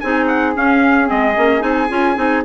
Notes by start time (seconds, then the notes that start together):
0.00 C4 D#4 G#4 G#5
0.28 F#5
0.56 C#4 F5
1.06 G#3 C4 D#5
1.36 A#3 C#4
1.60 C4 D#4 G#5
1.90 C#4 F4
2.16 C4 D#4